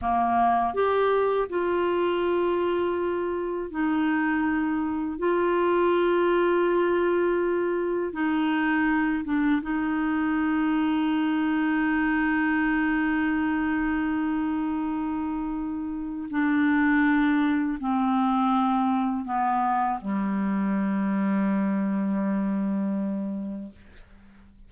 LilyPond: \new Staff \with { instrumentName = "clarinet" } { \time 4/4 \tempo 4 = 81 ais4 g'4 f'2~ | f'4 dis'2 f'4~ | f'2. dis'4~ | dis'8 d'8 dis'2.~ |
dis'1~ | dis'2 d'2 | c'2 b4 g4~ | g1 | }